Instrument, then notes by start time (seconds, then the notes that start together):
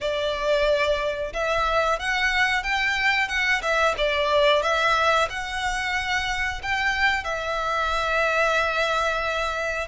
violin
0.00 D5
1.33 E5
1.99 F#5
2.63 G5
3.28 F#5
3.61 E5
3.97 D5
4.62 E5
5.29 F#5
6.62 G5
7.23 E5